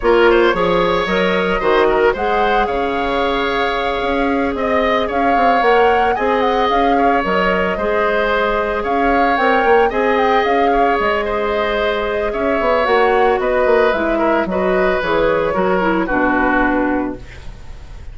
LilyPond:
<<
  \new Staff \with { instrumentName = "flute" } { \time 4/4 \tempo 4 = 112 cis''2 dis''2 | fis''4 f''2.~ | f''8 dis''4 f''4 fis''4 gis''8 | fis''8 f''4 dis''2~ dis''8~ |
dis''8 f''4 g''4 gis''8 g''8 f''8~ | f''8 dis''2~ dis''8 e''4 | fis''4 dis''4 e''4 dis''4 | cis''2 b'2 | }
  \new Staff \with { instrumentName = "oboe" } { \time 4/4 ais'8 c''8 cis''2 c''8 ais'8 | c''4 cis''2.~ | cis''8 dis''4 cis''2 dis''8~ | dis''4 cis''4. c''4.~ |
c''8 cis''2 dis''4. | cis''4 c''2 cis''4~ | cis''4 b'4. ais'8 b'4~ | b'4 ais'4 fis'2 | }
  \new Staff \with { instrumentName = "clarinet" } { \time 4/4 f'4 gis'4 ais'4 fis'4 | gis'1~ | gis'2~ gis'8 ais'4 gis'8~ | gis'4. ais'4 gis'4.~ |
gis'4. ais'4 gis'4.~ | gis'1 | fis'2 e'4 fis'4 | gis'4 fis'8 e'8 d'2 | }
  \new Staff \with { instrumentName = "bassoon" } { \time 4/4 ais4 f4 fis4 dis4 | gis4 cis2~ cis8 cis'8~ | cis'8 c'4 cis'8 c'8 ais4 c'8~ | c'8 cis'4 fis4 gis4.~ |
gis8 cis'4 c'8 ais8 c'4 cis'8~ | cis'8 gis2~ gis8 cis'8 b8 | ais4 b8 ais8 gis4 fis4 | e4 fis4 b,2 | }
>>